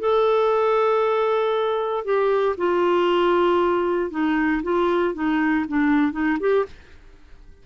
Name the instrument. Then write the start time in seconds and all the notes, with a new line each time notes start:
clarinet
0.00 A4
2.05 G4
2.58 F4
4.11 D#4
4.63 F4
5.14 D#4
5.68 D4
6.13 D#4
6.40 G4